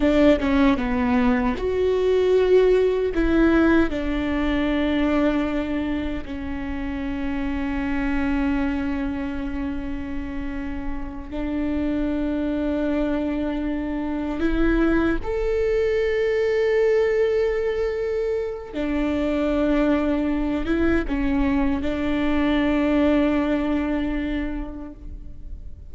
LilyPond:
\new Staff \with { instrumentName = "viola" } { \time 4/4 \tempo 4 = 77 d'8 cis'8 b4 fis'2 | e'4 d'2. | cis'1~ | cis'2~ cis'8 d'4.~ |
d'2~ d'8 e'4 a'8~ | a'1 | d'2~ d'8 e'8 cis'4 | d'1 | }